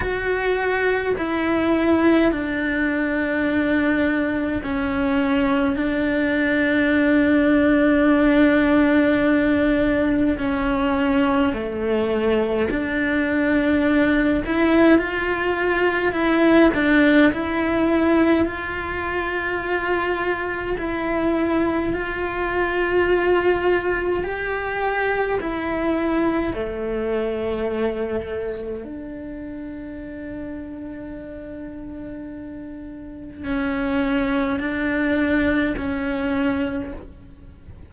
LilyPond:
\new Staff \with { instrumentName = "cello" } { \time 4/4 \tempo 4 = 52 fis'4 e'4 d'2 | cis'4 d'2.~ | d'4 cis'4 a4 d'4~ | d'8 e'8 f'4 e'8 d'8 e'4 |
f'2 e'4 f'4~ | f'4 g'4 e'4 a4~ | a4 d'2.~ | d'4 cis'4 d'4 cis'4 | }